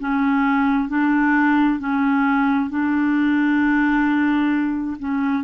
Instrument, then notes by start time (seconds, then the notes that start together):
clarinet
0.00 C#4
0.89 D4
1.80 C#4
2.70 D4
4.99 C#4